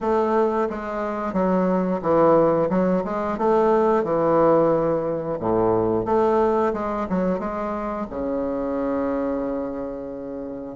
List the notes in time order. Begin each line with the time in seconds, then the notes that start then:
0.01 A3
0.69 G#3
1.33 F#3
2.02 E3
2.69 F#3
3.04 G#3
3.37 A3
4.03 E3
5.39 A2
6.05 A3
6.73 G#3
7.09 F#3
7.39 G#3
8.10 C#3